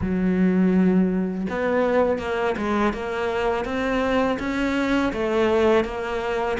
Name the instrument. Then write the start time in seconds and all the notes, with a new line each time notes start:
cello
0.01 F#3
1.49 B3
2.19 A#3
2.57 G#3
2.93 A#3
3.65 C4
4.39 C#4
5.13 A3
5.84 A#3